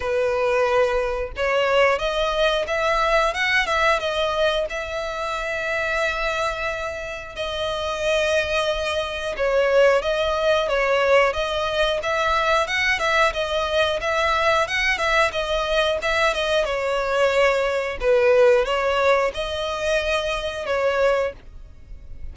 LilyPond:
\new Staff \with { instrumentName = "violin" } { \time 4/4 \tempo 4 = 90 b'2 cis''4 dis''4 | e''4 fis''8 e''8 dis''4 e''4~ | e''2. dis''4~ | dis''2 cis''4 dis''4 |
cis''4 dis''4 e''4 fis''8 e''8 | dis''4 e''4 fis''8 e''8 dis''4 | e''8 dis''8 cis''2 b'4 | cis''4 dis''2 cis''4 | }